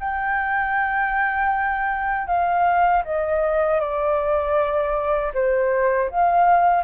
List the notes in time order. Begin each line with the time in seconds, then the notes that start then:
0.00 G5
2.27 F5
3.04 D#5
3.81 D5
5.34 C5
6.10 F5